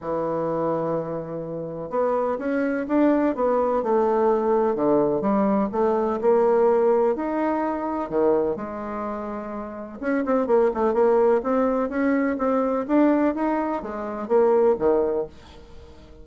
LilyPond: \new Staff \with { instrumentName = "bassoon" } { \time 4/4 \tempo 4 = 126 e1 | b4 cis'4 d'4 b4 | a2 d4 g4 | a4 ais2 dis'4~ |
dis'4 dis4 gis2~ | gis4 cis'8 c'8 ais8 a8 ais4 | c'4 cis'4 c'4 d'4 | dis'4 gis4 ais4 dis4 | }